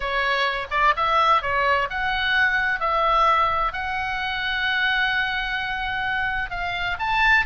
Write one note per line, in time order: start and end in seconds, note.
0.00 0.67 C#5
0.70 0.94 D5
0.96 1.42 E5
1.42 1.88 C#5
1.89 2.80 F#5
2.80 3.72 E5
3.72 6.50 F#5
6.50 6.97 F5
6.99 7.45 A5